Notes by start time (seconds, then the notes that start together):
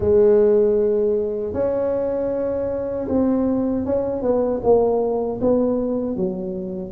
0.00 G#3
1.53 C#4
3.08 C4
3.85 C#4
4.22 B3
4.63 A#3
5.40 B3
6.16 F#3